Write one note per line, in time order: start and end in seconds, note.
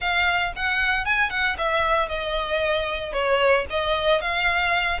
0.00 0.53 F5
0.56 1.05 F#5
1.05 1.30 G#5
1.30 1.56 F#5
1.58 2.08 E5
2.08 3.12 D#5
3.12 3.65 C#5
3.70 4.21 D#5
4.21 5.00 F5